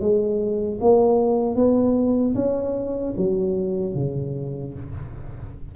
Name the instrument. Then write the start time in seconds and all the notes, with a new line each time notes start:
tuba
0.00 G#3
0.81 A#3
1.55 B3
2.35 C#4
3.17 F#3
3.95 C#3